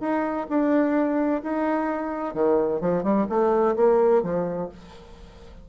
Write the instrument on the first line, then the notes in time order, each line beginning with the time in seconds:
bassoon
0.00 D#4
0.49 D4
1.42 D#4
2.34 D#3
2.81 F3
3.03 G3
3.29 A3
3.76 A#3
4.23 F3